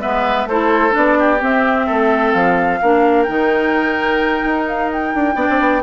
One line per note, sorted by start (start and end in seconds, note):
0.00 0.45 G#3
0.00 0.47 B3
0.00 0.48 B4
0.00 0.47 E5
0.45 0.92 A3
0.45 0.91 E4
0.45 1.18 A4
0.45 0.94 C5
0.91 1.41 B3
0.91 1.37 D4
0.91 1.41 D5
1.18 1.86 G4
1.40 2.79 C4
1.40 1.87 C4
1.40 2.32 E5
1.86 2.33 A3
1.86 2.79 A4
2.32 2.80 F3
2.32 3.23 F5
2.81 3.28 A#3
2.81 3.27 D4
2.81 5.35 A#4
3.23 4.44 D#3
3.23 5.35 D#4
3.23 4.62 G5
4.44 5.14 D#4
4.67 4.91 F5
4.91 5.83 G5
5.14 5.35 D4
5.35 5.46 B3
5.35 5.81 D4
5.35 5.81 D5
5.50 5.59 C4
5.59 5.83 B3